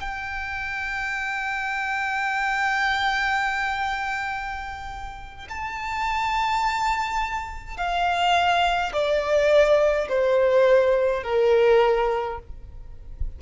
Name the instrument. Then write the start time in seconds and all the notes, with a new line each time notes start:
violin
0.00 G5
5.49 A5
7.77 F5
8.93 D5
10.09 C5
11.23 A#4